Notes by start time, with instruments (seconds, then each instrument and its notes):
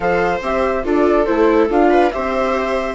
0.00 bassoon F3, viola A4 C5, flute F5
0.41 bassoon C4, viola G4, flute E5
0.83 bassoon D4, viola F4 A4, flute D5
1.25 bassoon A3, viola E4, flute C5
1.69 bassoon D4, viola F4, flute F5
1.90 viola B4
2.11 bassoon C4, viola G4 C5, flute E5